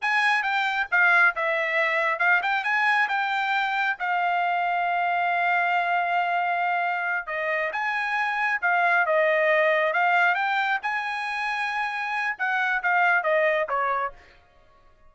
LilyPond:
\new Staff \with { instrumentName = "trumpet" } { \time 4/4 \tempo 4 = 136 gis''4 g''4 f''4 e''4~ | e''4 f''8 g''8 gis''4 g''4~ | g''4 f''2.~ | f''1~ |
f''8 dis''4 gis''2 f''8~ | f''8 dis''2 f''4 g''8~ | g''8 gis''2.~ gis''8 | fis''4 f''4 dis''4 cis''4 | }